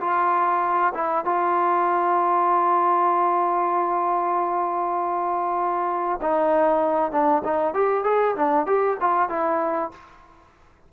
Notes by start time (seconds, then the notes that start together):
0.00 F4
0.94 E4
1.25 F4
6.21 D#4
7.11 D4
7.44 D#4
7.74 G4
8.04 G#4
8.35 D4
8.66 G4
9.00 F4
9.29 E4